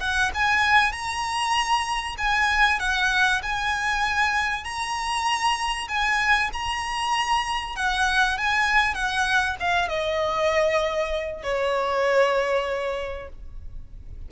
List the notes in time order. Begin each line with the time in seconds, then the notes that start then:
0.00 F#5
0.34 G#5
0.92 A#5
2.18 G#5
2.79 F#5
3.43 G#5
4.64 A#5
5.88 G#5
6.53 A#5
7.76 F#5
8.38 G#5
8.94 F#5
9.60 F5
9.89 D#5
11.43 C#5